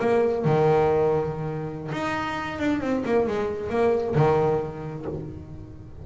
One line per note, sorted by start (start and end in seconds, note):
0.00 0.44 A#3
0.44 1.91 D#3
1.92 2.59 D#4
2.59 2.81 D4
2.81 3.03 C4
3.05 3.27 A#3
3.27 3.69 G#3
3.69 4.14 A#3
4.15 5.05 D#3